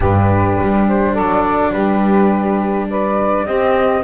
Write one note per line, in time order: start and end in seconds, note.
0.00 0.58 G2
0.00 3.46 D4
0.00 1.13 G4
0.00 0.87 B4
0.62 1.18 G3
0.88 1.15 C5
1.13 1.73 F#3
1.13 1.71 A4
1.13 1.72 D5
1.72 3.45 G3
1.72 2.88 G4
1.72 2.87 B4
2.89 3.46 B4
2.89 3.45 D5
3.45 4.02 C4
3.45 4.03 C4
3.45 4.03 G4
3.45 4.03 D#5